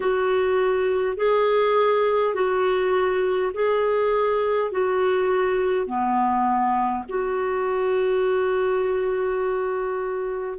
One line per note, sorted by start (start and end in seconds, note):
0.00 1.17 F#4
1.17 2.34 G#4
2.34 3.51 F#4
3.53 4.71 G#4
4.71 5.86 F#4
5.86 7.04 B3
7.09 10.58 F#4